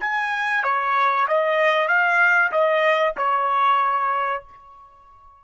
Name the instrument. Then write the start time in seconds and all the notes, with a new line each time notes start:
trumpet
0.00 G#5
0.63 C#5
1.27 D#5
1.88 F5
2.51 D#5
3.17 C#5